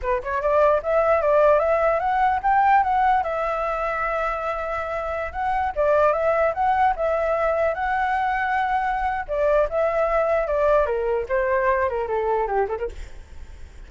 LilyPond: \new Staff \with { instrumentName = "flute" } { \time 4/4 \tempo 4 = 149 b'8 cis''8 d''4 e''4 d''4 | e''4 fis''4 g''4 fis''4 | e''1~ | e''4~ e''16 fis''4 d''4 e''8.~ |
e''16 fis''4 e''2 fis''8.~ | fis''2. d''4 | e''2 d''4 ais'4 | c''4. ais'8 a'4 g'8 a'16 ais'16 | }